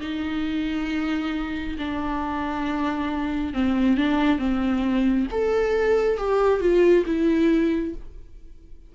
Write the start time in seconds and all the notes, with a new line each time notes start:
0.00 D#4
1.78 D4
3.53 C4
3.97 D4
4.38 C4
5.31 A4
6.17 G4
6.60 F4
7.06 E4